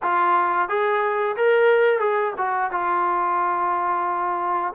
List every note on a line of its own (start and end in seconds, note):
0.02 0.68 F4
0.68 1.36 G#4
1.36 1.99 A#4
1.99 2.33 G#4
2.37 2.71 F#4
2.71 4.73 F4